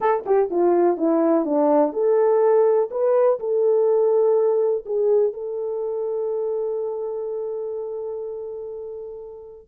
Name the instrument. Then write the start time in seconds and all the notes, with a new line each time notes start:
horn
0.00 A4
0.26 G4
0.50 F4
0.97 E4
1.45 D4
1.92 A4
2.91 B4
3.39 A4
4.85 G#4
5.33 A4